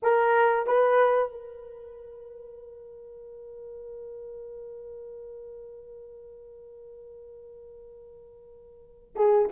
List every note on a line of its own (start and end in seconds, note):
0.02 0.67 A#4
0.67 1.31 B4
1.31 9.15 A#4
9.15 9.48 G#4